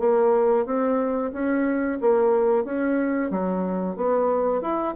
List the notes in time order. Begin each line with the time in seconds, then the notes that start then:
0.00 A#3
0.66 C4
1.33 C#4
2.01 A#3
2.65 C#4
3.31 F#3
3.96 B3
4.62 E4